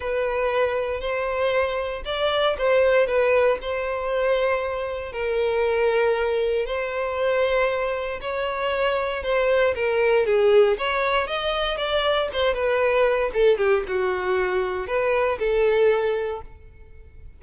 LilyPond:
\new Staff \with { instrumentName = "violin" } { \time 4/4 \tempo 4 = 117 b'2 c''2 | d''4 c''4 b'4 c''4~ | c''2 ais'2~ | ais'4 c''2. |
cis''2 c''4 ais'4 | gis'4 cis''4 dis''4 d''4 | c''8 b'4. a'8 g'8 fis'4~ | fis'4 b'4 a'2 | }